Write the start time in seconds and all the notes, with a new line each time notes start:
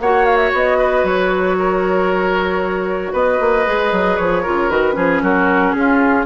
0.00 A#3 F#4 C#5 F#5
0.25 F5
0.37 E5
0.53 B3 D#5
0.78 B4
1.04 F#3 C#5
1.58 A#4
3.13 B3 B4 D#5
3.40 A#3
3.67 G#3 G#4
3.92 F#3
4.17 F3 C#5
4.43 C#3 F4 A#4
4.70 D#3 F#4 B4
4.93 F3 C#4 G#4
5.22 F#3 F#4 A#4
5.72 C#4 G#4
5.79 F4